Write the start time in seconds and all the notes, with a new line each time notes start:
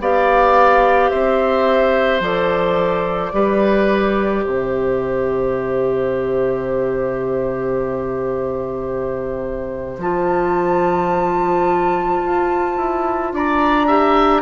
0.00 B3 G4 D5 F5
1.10 C4 C5 E5
2.21 F3 A4 D5
3.33 G3 G4 B4
4.44 C3 C5 E5
9.98 F3 F4 A5
12.25 F4
12.78 E4
13.33 D4 D5 A#5
13.87 G4 E5